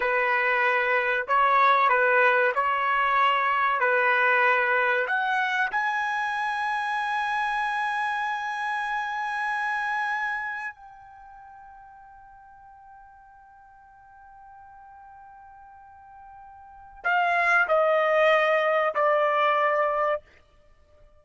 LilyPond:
\new Staff \with { instrumentName = "trumpet" } { \time 4/4 \tempo 4 = 95 b'2 cis''4 b'4 | cis''2 b'2 | fis''4 gis''2.~ | gis''1~ |
gis''4 g''2.~ | g''1~ | g''2. f''4 | dis''2 d''2 | }